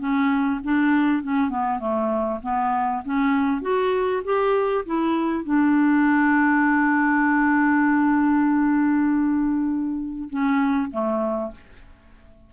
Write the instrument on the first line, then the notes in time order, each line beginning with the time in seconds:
clarinet
0.00 C#4
0.64 D4
1.23 C#4
1.50 B3
1.80 A3
2.43 B3
3.06 C#4
3.62 F#4
4.25 G4
4.86 E4
5.45 D4
10.30 C#4
10.91 A3